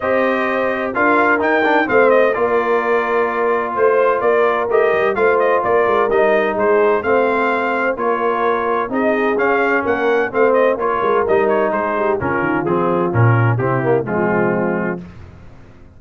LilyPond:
<<
  \new Staff \with { instrumentName = "trumpet" } { \time 4/4 \tempo 4 = 128 dis''2 f''4 g''4 | f''8 dis''8 d''2. | c''4 d''4 dis''4 f''8 dis''8 | d''4 dis''4 c''4 f''4~ |
f''4 cis''2 dis''4 | f''4 fis''4 f''8 dis''8 cis''4 | dis''8 cis''8 c''4 ais'4 gis'4 | ais'4 g'4 f'2 | }
  \new Staff \with { instrumentName = "horn" } { \time 4/4 c''2 ais'2 | c''4 ais'2. | c''4 ais'2 c''4 | ais'2 gis'4 c''4~ |
c''4 ais'2 gis'4~ | gis'4 ais'4 c''4 ais'4~ | ais'4 gis'8 g'8 f'2~ | f'4 e'4 c'2 | }
  \new Staff \with { instrumentName = "trombone" } { \time 4/4 g'2 f'4 dis'8 d'8 | c'4 f'2.~ | f'2 g'4 f'4~ | f'4 dis'2 c'4~ |
c'4 f'2 dis'4 | cis'2 c'4 f'4 | dis'2 cis'4 c'4 | cis'4 c'8 ais8 gis2 | }
  \new Staff \with { instrumentName = "tuba" } { \time 4/4 c'2 d'4 dis'4 | a4 ais2. | a4 ais4 a8 g8 a4 | ais8 gis8 g4 gis4 a4~ |
a4 ais2 c'4 | cis'4 ais4 a4 ais8 gis8 | g4 gis4 cis8 dis8 f4 | ais,4 c4 f2 | }
>>